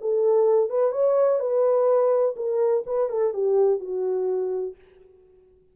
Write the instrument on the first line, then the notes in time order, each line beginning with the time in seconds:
horn
0.00 A4
0.69 B4
0.92 C#5
1.39 B4
2.36 A#4
2.86 B4
3.09 A4
3.33 G4
3.80 F#4